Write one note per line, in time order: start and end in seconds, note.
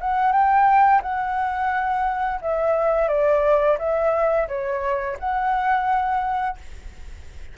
0.00 0.32 F#5
0.32 1.01 G5
1.02 2.40 F#5
2.41 3.08 E5
3.08 3.77 D5
3.78 4.47 E5
4.48 5.17 C#5
5.19 6.57 F#5